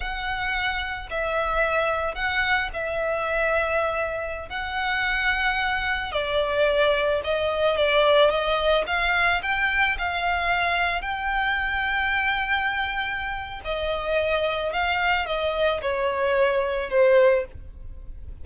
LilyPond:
\new Staff \with { instrumentName = "violin" } { \time 4/4 \tempo 4 = 110 fis''2 e''2 | fis''4 e''2.~ | e''16 fis''2. d''8.~ | d''4~ d''16 dis''4 d''4 dis''8.~ |
dis''16 f''4 g''4 f''4.~ f''16~ | f''16 g''2.~ g''8.~ | g''4 dis''2 f''4 | dis''4 cis''2 c''4 | }